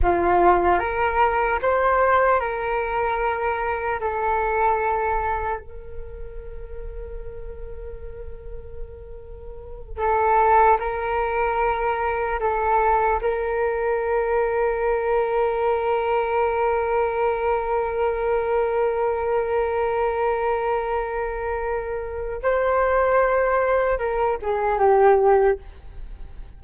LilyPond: \new Staff \with { instrumentName = "flute" } { \time 4/4 \tempo 4 = 75 f'4 ais'4 c''4 ais'4~ | ais'4 a'2 ais'4~ | ais'1~ | ais'8 a'4 ais'2 a'8~ |
a'8 ais'2.~ ais'8~ | ais'1~ | ais'1 | c''2 ais'8 gis'8 g'4 | }